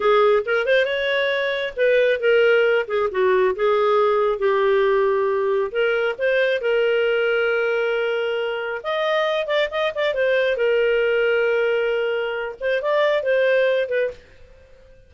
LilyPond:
\new Staff \with { instrumentName = "clarinet" } { \time 4/4 \tempo 4 = 136 gis'4 ais'8 c''8 cis''2 | b'4 ais'4. gis'8 fis'4 | gis'2 g'2~ | g'4 ais'4 c''4 ais'4~ |
ais'1 | dis''4. d''8 dis''8 d''8 c''4 | ais'1~ | ais'8 c''8 d''4 c''4. b'8 | }